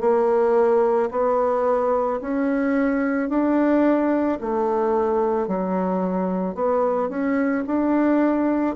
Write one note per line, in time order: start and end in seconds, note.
0.00 1.09 A#3
1.11 2.20 B3
2.21 3.29 C#4
3.29 4.38 D4
4.40 5.47 A3
5.47 6.55 F#3
6.55 7.09 B3
7.09 7.64 C#4
7.67 8.75 D4